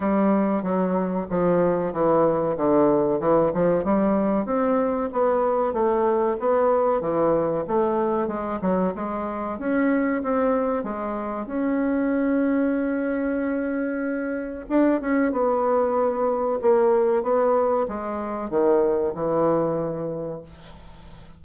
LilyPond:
\new Staff \with { instrumentName = "bassoon" } { \time 4/4 \tempo 4 = 94 g4 fis4 f4 e4 | d4 e8 f8 g4 c'4 | b4 a4 b4 e4 | a4 gis8 fis8 gis4 cis'4 |
c'4 gis4 cis'2~ | cis'2. d'8 cis'8 | b2 ais4 b4 | gis4 dis4 e2 | }